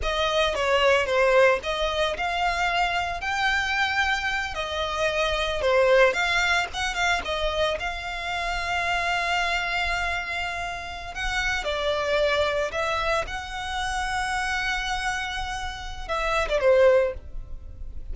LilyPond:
\new Staff \with { instrumentName = "violin" } { \time 4/4 \tempo 4 = 112 dis''4 cis''4 c''4 dis''4 | f''2 g''2~ | g''8 dis''2 c''4 f''8~ | f''8 fis''8 f''8 dis''4 f''4.~ |
f''1~ | f''8. fis''4 d''2 e''16~ | e''8. fis''2.~ fis''16~ | fis''2 e''8. d''16 c''4 | }